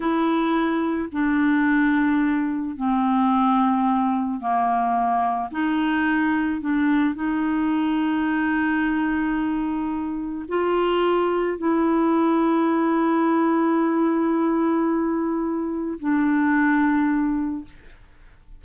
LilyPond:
\new Staff \with { instrumentName = "clarinet" } { \time 4/4 \tempo 4 = 109 e'2 d'2~ | d'4 c'2. | ais2 dis'2 | d'4 dis'2.~ |
dis'2. f'4~ | f'4 e'2.~ | e'1~ | e'4 d'2. | }